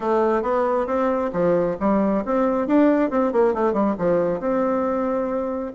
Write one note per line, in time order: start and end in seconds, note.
0.00 0.42 A3
0.42 0.86 B3
0.86 1.31 C4
1.32 1.76 F3
1.79 2.24 G3
2.25 2.67 C4
2.67 3.10 D4
3.10 3.32 C4
3.32 3.54 A#3
3.54 3.73 A3
3.73 3.95 G3
3.98 4.40 F3
4.40 5.72 C4